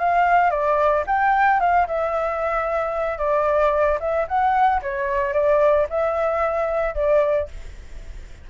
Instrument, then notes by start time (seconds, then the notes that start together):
flute
0.00 F5
0.51 D5
1.07 G5
1.60 F5
1.88 E5
3.19 D5
4.01 E5
4.28 F#5
4.82 C#5
5.34 D5
5.90 E5
6.95 D5